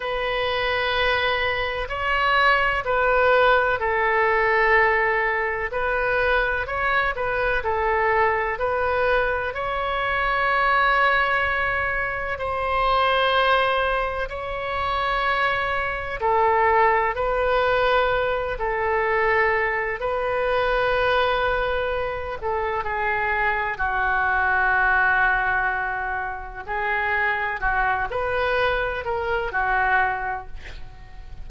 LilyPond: \new Staff \with { instrumentName = "oboe" } { \time 4/4 \tempo 4 = 63 b'2 cis''4 b'4 | a'2 b'4 cis''8 b'8 | a'4 b'4 cis''2~ | cis''4 c''2 cis''4~ |
cis''4 a'4 b'4. a'8~ | a'4 b'2~ b'8 a'8 | gis'4 fis'2. | gis'4 fis'8 b'4 ais'8 fis'4 | }